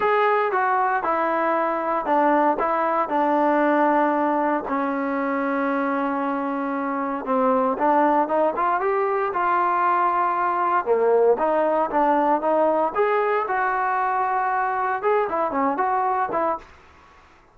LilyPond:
\new Staff \with { instrumentName = "trombone" } { \time 4/4 \tempo 4 = 116 gis'4 fis'4 e'2 | d'4 e'4 d'2~ | d'4 cis'2.~ | cis'2 c'4 d'4 |
dis'8 f'8 g'4 f'2~ | f'4 ais4 dis'4 d'4 | dis'4 gis'4 fis'2~ | fis'4 gis'8 e'8 cis'8 fis'4 e'8 | }